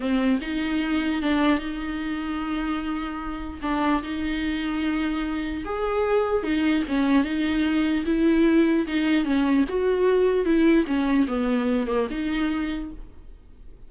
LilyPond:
\new Staff \with { instrumentName = "viola" } { \time 4/4 \tempo 4 = 149 c'4 dis'2 d'4 | dis'1~ | dis'4 d'4 dis'2~ | dis'2 gis'2 |
dis'4 cis'4 dis'2 | e'2 dis'4 cis'4 | fis'2 e'4 cis'4 | b4. ais8 dis'2 | }